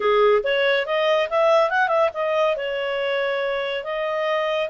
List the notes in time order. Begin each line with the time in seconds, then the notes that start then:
0.00 G#4
0.43 C#5
0.86 D#5
1.29 E5
1.69 F#5
1.88 E5
2.13 D#5
2.56 C#5
3.84 D#5